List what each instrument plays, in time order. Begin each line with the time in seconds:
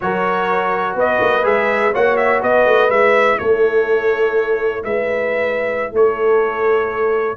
0.00 tuba F#3, trombone F#4, horn A#4, trumpet C#5
0.94 tuba B3, horn B4, trumpet D#5
1.20 tuba A#3
1.42 tuba G#3, trombone G#4, trumpet E5
1.92 tuba A#3, trombone F#4, horn C#5, trumpet F#5
2.16 trumpet E5
2.41 tuba B3, horn B4, trumpet D#5
2.66 tuba A3
2.89 tuba G#3, trombone E4, trumpet E5
3.38 tuba A3, horn A4, trumpet C#5
4.84 tuba G#3, horn B4, trumpet E5
5.92 tuba A3, horn A4, trumpet C#5